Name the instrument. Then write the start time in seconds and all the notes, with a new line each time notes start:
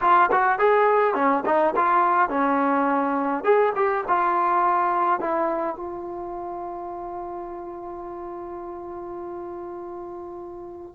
trombone
0.01 F4
0.31 F#4
0.58 G#4
1.14 C#4
1.45 D#4
1.76 F4
2.29 C#4
3.44 G#4
3.75 G4
4.08 F4
5.20 E4
5.76 F4